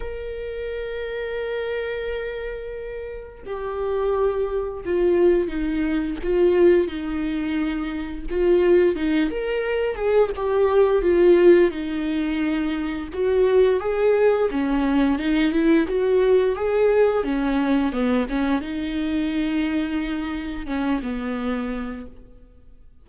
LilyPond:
\new Staff \with { instrumentName = "viola" } { \time 4/4 \tempo 4 = 87 ais'1~ | ais'4 g'2 f'4 | dis'4 f'4 dis'2 | f'4 dis'8 ais'4 gis'8 g'4 |
f'4 dis'2 fis'4 | gis'4 cis'4 dis'8 e'8 fis'4 | gis'4 cis'4 b8 cis'8 dis'4~ | dis'2 cis'8 b4. | }